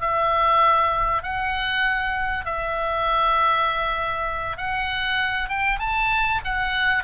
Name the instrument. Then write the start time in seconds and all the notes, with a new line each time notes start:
oboe
0.00 E5
1.22 F#5
2.45 E5
4.57 F#5
5.49 G5
5.79 A5
6.44 F#5